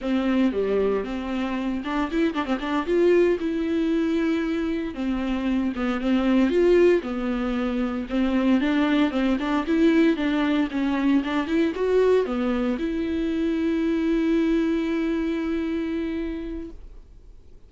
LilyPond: \new Staff \with { instrumentName = "viola" } { \time 4/4 \tempo 4 = 115 c'4 g4 c'4. d'8 | e'8 d'16 c'16 d'8 f'4 e'4.~ | e'4. c'4. b8 c'8~ | c'8 f'4 b2 c'8~ |
c'8 d'4 c'8 d'8 e'4 d'8~ | d'8 cis'4 d'8 e'8 fis'4 b8~ | b8 e'2.~ e'8~ | e'1 | }